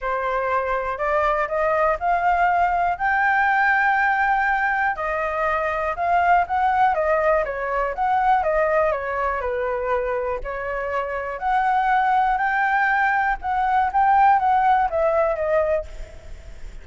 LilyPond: \new Staff \with { instrumentName = "flute" } { \time 4/4 \tempo 4 = 121 c''2 d''4 dis''4 | f''2 g''2~ | g''2 dis''2 | f''4 fis''4 dis''4 cis''4 |
fis''4 dis''4 cis''4 b'4~ | b'4 cis''2 fis''4~ | fis''4 g''2 fis''4 | g''4 fis''4 e''4 dis''4 | }